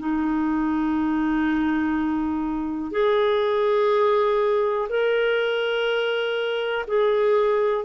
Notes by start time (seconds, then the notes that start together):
0.00 D#4
2.92 G#4
4.89 A#4
6.88 G#4